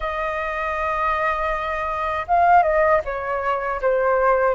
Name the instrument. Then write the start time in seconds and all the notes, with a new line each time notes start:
flute
0.00 D#5
2.27 F5
2.62 D#5
3.04 C#5
3.81 C5